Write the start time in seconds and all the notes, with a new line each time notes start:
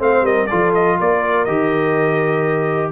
0.00 A3 C4 C5 F5
0.22 G3 A#4 D#5
0.47 F3 F4 A4 D5
0.75 D#5
1.00 A#3 A#4 D5
1.45 D#3 G4 D#5